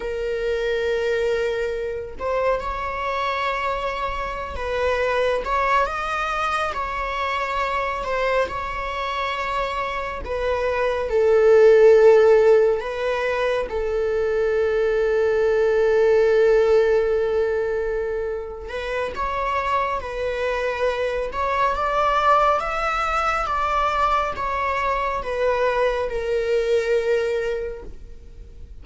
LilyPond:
\new Staff \with { instrumentName = "viola" } { \time 4/4 \tempo 4 = 69 ais'2~ ais'8 c''8 cis''4~ | cis''4~ cis''16 b'4 cis''8 dis''4 cis''16~ | cis''4~ cis''16 c''8 cis''2 b'16~ | b'8. a'2 b'4 a'16~ |
a'1~ | a'4. b'8 cis''4 b'4~ | b'8 cis''8 d''4 e''4 d''4 | cis''4 b'4 ais'2 | }